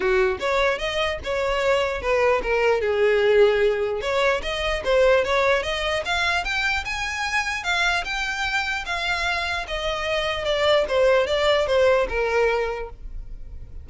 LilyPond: \new Staff \with { instrumentName = "violin" } { \time 4/4 \tempo 4 = 149 fis'4 cis''4 dis''4 cis''4~ | cis''4 b'4 ais'4 gis'4~ | gis'2 cis''4 dis''4 | c''4 cis''4 dis''4 f''4 |
g''4 gis''2 f''4 | g''2 f''2 | dis''2 d''4 c''4 | d''4 c''4 ais'2 | }